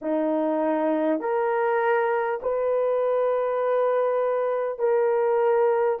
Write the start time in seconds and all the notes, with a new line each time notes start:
0.01 D#4
1.20 A#4
2.42 B4
4.78 A#4